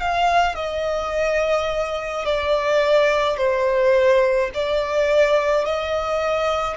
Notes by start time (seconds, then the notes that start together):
0.00 F5
0.56 D#5
2.25 D5
3.37 C5
4.54 D5
5.66 D#5